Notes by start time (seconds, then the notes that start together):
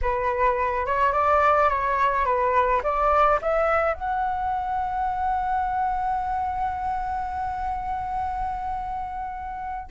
0.01 B4
0.85 C#5
1.12 D5
1.69 C#5
2.25 B4
2.83 D5
3.41 E5
3.94 F#5